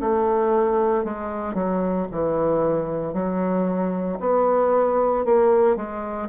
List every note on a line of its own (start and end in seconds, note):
0.00 1.04 A3
1.04 1.54 G#3
1.54 2.07 F#3
2.11 3.13 E3
3.13 4.19 F#3
4.20 5.25 B3
5.25 5.76 A#3
5.76 6.29 G#3